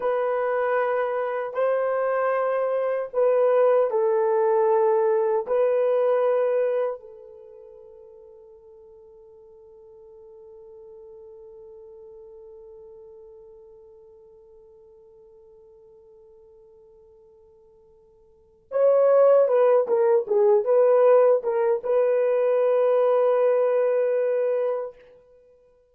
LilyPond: \new Staff \with { instrumentName = "horn" } { \time 4/4 \tempo 4 = 77 b'2 c''2 | b'4 a'2 b'4~ | b'4 a'2.~ | a'1~ |
a'1~ | a'1 | cis''4 b'8 ais'8 gis'8 b'4 ais'8 | b'1 | }